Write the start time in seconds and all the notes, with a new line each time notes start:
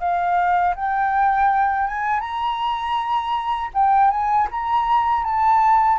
0.00 F5
0.76 G5
1.88 G#5
2.21 A#5
3.74 G5
4.11 G#5
4.51 A#5
5.24 A5